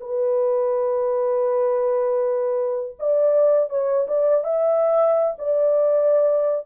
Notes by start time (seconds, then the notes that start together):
0.00 B4
2.99 D5
3.69 C#5
4.07 D5
4.43 E5
5.38 D5